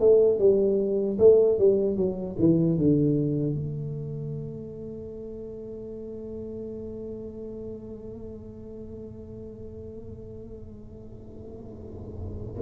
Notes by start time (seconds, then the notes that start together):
0.00 A3
0.39 G3
1.19 A3
1.58 G3
1.97 F#3
2.39 E3
2.78 D3
3.55 A3